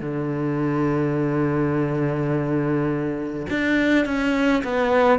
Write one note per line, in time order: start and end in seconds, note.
0.00 3.46 D3
3.49 4.05 D4
4.05 4.63 C#4
4.63 5.19 B3